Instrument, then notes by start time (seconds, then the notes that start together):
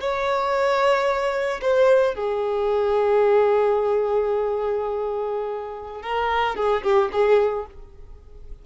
violin
0.00 C#5
1.61 C5
2.15 G#4
6.02 A#4
6.56 G#4
6.83 G4
7.12 G#4